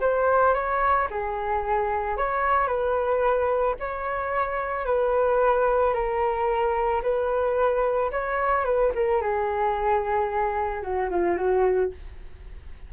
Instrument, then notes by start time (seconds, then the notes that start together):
flute
0.00 C5
0.54 C#5
1.10 G#4
2.17 C#5
2.67 B4
3.79 C#5
4.85 B4
5.93 A#4
7.02 B4
8.11 C#5
8.64 B4
8.94 A#4
9.21 G#4
10.82 F#4
11.09 F4
11.36 F#4